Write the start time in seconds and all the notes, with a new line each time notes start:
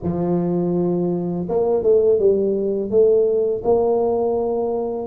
0.03 F3
1.48 A#3
1.83 A3
2.19 G3
2.90 A3
3.64 A#3